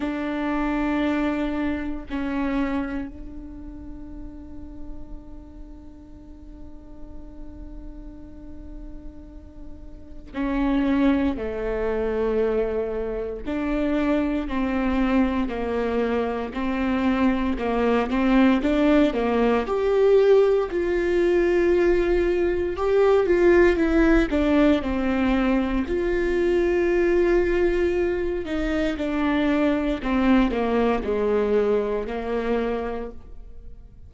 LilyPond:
\new Staff \with { instrumentName = "viola" } { \time 4/4 \tempo 4 = 58 d'2 cis'4 d'4~ | d'1~ | d'2 cis'4 a4~ | a4 d'4 c'4 ais4 |
c'4 ais8 c'8 d'8 ais8 g'4 | f'2 g'8 f'8 e'8 d'8 | c'4 f'2~ f'8 dis'8 | d'4 c'8 ais8 gis4 ais4 | }